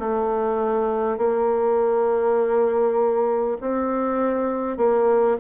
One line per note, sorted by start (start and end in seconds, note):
0.00 1.18 A3
1.18 3.58 A#3
3.62 4.78 C4
4.78 5.38 A#3